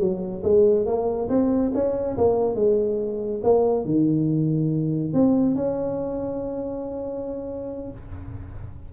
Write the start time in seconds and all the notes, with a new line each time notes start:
0.00 F#3
0.44 G#3
0.86 A#3
1.30 C4
1.75 C#4
2.18 A#3
2.56 G#3
3.44 A#3
3.85 D#3
5.14 C4
5.56 C#4